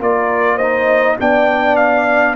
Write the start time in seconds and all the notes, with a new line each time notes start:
0.00 A#3 F4 A#4 D5
0.56 C5 D#5
0.62 D#4
1.19 B3 D4 D5 G5
1.76 F5